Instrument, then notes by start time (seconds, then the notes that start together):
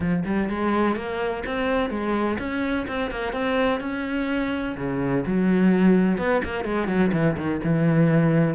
cello
0.00 F3
0.25 G3
0.49 G#3
0.95 A#3
1.46 C4
1.90 G#3
2.38 C#4
2.87 C4
3.10 A#3
3.32 C4
3.80 C#4
4.77 C#3
5.26 F#3
6.18 B3
6.44 A#3
6.64 G#3
6.87 F#3
7.12 E3
7.37 D#3
7.63 E3